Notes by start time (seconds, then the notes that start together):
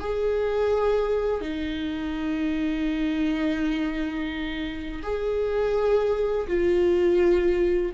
0.00 G#4
1.41 D#4
5.03 G#4
6.48 F4